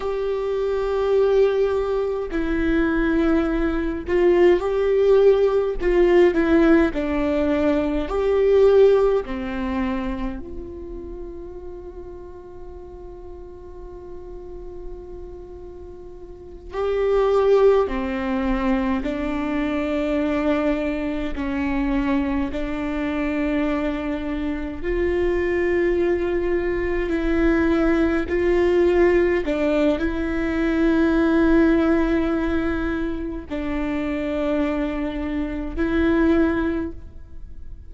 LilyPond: \new Staff \with { instrumentName = "viola" } { \time 4/4 \tempo 4 = 52 g'2 e'4. f'8 | g'4 f'8 e'8 d'4 g'4 | c'4 f'2.~ | f'2~ f'8 g'4 c'8~ |
c'8 d'2 cis'4 d'8~ | d'4. f'2 e'8~ | e'8 f'4 d'8 e'2~ | e'4 d'2 e'4 | }